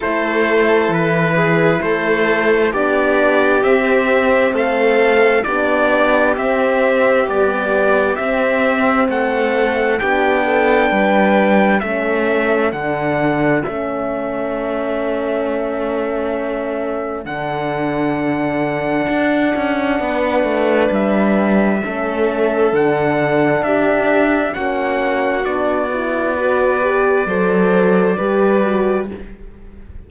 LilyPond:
<<
  \new Staff \with { instrumentName = "trumpet" } { \time 4/4 \tempo 4 = 66 c''4 b'4 c''4 d''4 | e''4 f''4 d''4 e''4 | d''4 e''4 fis''4 g''4~ | g''4 e''4 fis''4 e''4~ |
e''2. fis''4~ | fis''2. e''4~ | e''4 fis''4 e''4 fis''4 | d''1 | }
  \new Staff \with { instrumentName = "violin" } { \time 4/4 a'4. gis'8 a'4 g'4~ | g'4 a'4 g'2~ | g'2 a'4 g'8 a'8 | b'4 a'2.~ |
a'1~ | a'2 b'2 | a'2 g'4 fis'4~ | fis'4 b'4 c''4 b'4 | }
  \new Staff \with { instrumentName = "horn" } { \time 4/4 e'2. d'4 | c'2 d'4 c'4 | g4 c'2 d'4~ | d'4 cis'4 d'4 cis'4~ |
cis'2. d'4~ | d'1 | cis'4 d'2 cis'4 | d'8 e'8 fis'8 g'8 a'4 g'8 fis'8 | }
  \new Staff \with { instrumentName = "cello" } { \time 4/4 a4 e4 a4 b4 | c'4 a4 b4 c'4 | b4 c'4 a4 b4 | g4 a4 d4 a4~ |
a2. d4~ | d4 d'8 cis'8 b8 a8 g4 | a4 d4 d'4 ais4 | b2 fis4 g4 | }
>>